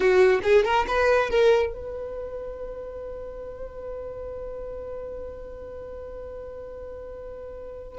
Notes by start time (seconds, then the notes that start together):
0.00 F#4
0.43 G#4
0.64 A#4
0.87 B4
1.29 A#4
1.72 B4